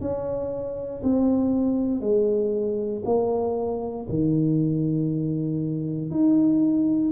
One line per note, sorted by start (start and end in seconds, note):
0.00 1.02 C#4
1.03 2.01 C4
2.01 3.02 G#3
3.05 4.06 A#3
4.09 6.10 D#3
6.10 7.11 D#4